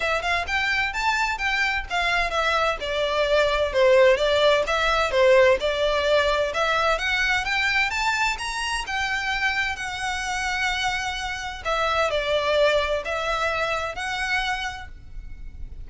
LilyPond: \new Staff \with { instrumentName = "violin" } { \time 4/4 \tempo 4 = 129 e''8 f''8 g''4 a''4 g''4 | f''4 e''4 d''2 | c''4 d''4 e''4 c''4 | d''2 e''4 fis''4 |
g''4 a''4 ais''4 g''4~ | g''4 fis''2.~ | fis''4 e''4 d''2 | e''2 fis''2 | }